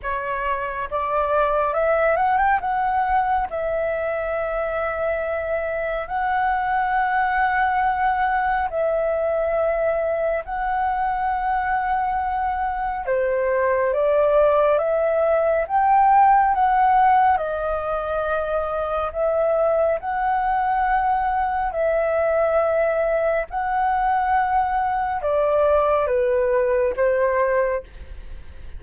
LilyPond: \new Staff \with { instrumentName = "flute" } { \time 4/4 \tempo 4 = 69 cis''4 d''4 e''8 fis''16 g''16 fis''4 | e''2. fis''4~ | fis''2 e''2 | fis''2. c''4 |
d''4 e''4 g''4 fis''4 | dis''2 e''4 fis''4~ | fis''4 e''2 fis''4~ | fis''4 d''4 b'4 c''4 | }